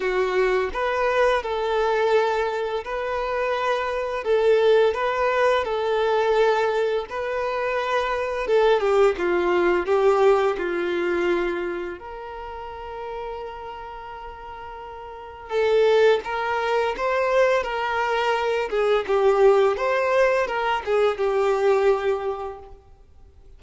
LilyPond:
\new Staff \with { instrumentName = "violin" } { \time 4/4 \tempo 4 = 85 fis'4 b'4 a'2 | b'2 a'4 b'4 | a'2 b'2 | a'8 g'8 f'4 g'4 f'4~ |
f'4 ais'2.~ | ais'2 a'4 ais'4 | c''4 ais'4. gis'8 g'4 | c''4 ais'8 gis'8 g'2 | }